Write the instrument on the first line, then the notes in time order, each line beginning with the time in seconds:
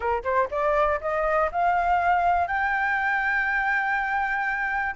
flute
0.00 A#4
0.23 C5
0.50 D5
1.01 D#5
1.51 F5
2.47 G5